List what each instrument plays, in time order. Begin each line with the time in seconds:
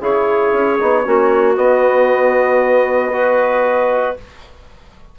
0.00 bassoon C#3, trombone E4, clarinet G#4, trumpet C#5
0.52 bassoon C#4
0.80 bassoon B3, trombone D#4
1.05 bassoon A#3, trombone C#4, clarinet F#4
1.55 trombone B3, bassoon B3, trumpet D#5
3.12 trombone F#4, clarinet B4